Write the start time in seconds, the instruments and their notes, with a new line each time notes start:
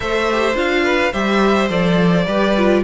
0.00 cello A3, viola A4, violin C5 E5
0.31 viola G4
0.54 cello D4, viola F4, violin F5
0.84 violin B4
1.12 cello G3, viola G4, violin C5 E5
1.69 cello F3, viola A4, violin D5
2.26 cello G3, viola G4, violin B4
2.57 viola F4